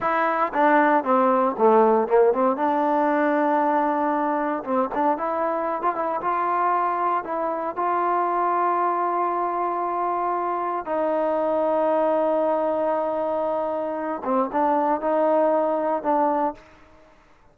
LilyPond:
\new Staff \with { instrumentName = "trombone" } { \time 4/4 \tempo 4 = 116 e'4 d'4 c'4 a4 | ais8 c'8 d'2.~ | d'4 c'8 d'8 e'4~ e'16 f'16 e'8 | f'2 e'4 f'4~ |
f'1~ | f'4 dis'2.~ | dis'2.~ dis'8 c'8 | d'4 dis'2 d'4 | }